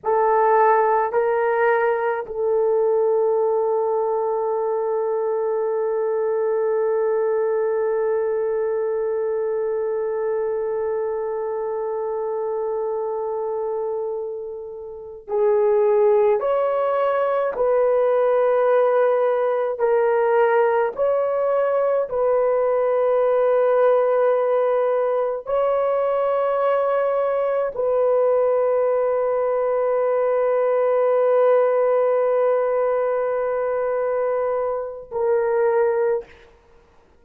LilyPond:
\new Staff \with { instrumentName = "horn" } { \time 4/4 \tempo 4 = 53 a'4 ais'4 a'2~ | a'1~ | a'1~ | a'4. gis'4 cis''4 b'8~ |
b'4. ais'4 cis''4 b'8~ | b'2~ b'8 cis''4.~ | cis''8 b'2.~ b'8~ | b'2. ais'4 | }